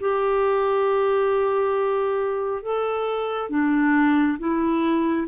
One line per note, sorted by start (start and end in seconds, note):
0.00 2.62 G4
2.62 3.50 A4
3.50 4.38 D4
4.39 5.27 E4